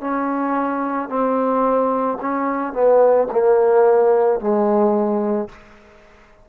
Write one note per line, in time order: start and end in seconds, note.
0.00 1.09 C#4
1.09 2.18 C4
2.21 2.73 C#4
2.73 3.27 B3
3.31 4.39 A#3
4.39 5.48 G#3